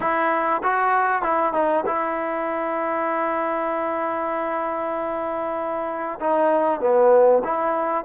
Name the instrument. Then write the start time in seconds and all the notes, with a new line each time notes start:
trombone
0.00 E4
0.63 F#4
1.22 E4
1.53 D#4
1.86 E4
6.20 D#4
6.80 B3
7.43 E4